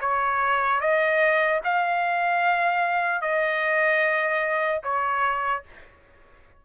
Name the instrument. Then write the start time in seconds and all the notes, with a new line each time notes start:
trumpet
0.00 C#5
0.80 D#5
1.64 F5
3.21 D#5
4.83 C#5